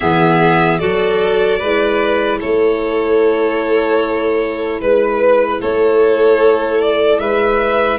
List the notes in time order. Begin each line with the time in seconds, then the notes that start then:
0.00 E3 B3 G#4 E5
0.79 F#3 F#4 A4 D5
1.59 G#3 E4 B4
2.39 A3 A4 C#5
4.80 G#3 B4
5.60 A3 A4 C#5
6.81 D5
7.19 G#3 B4 E5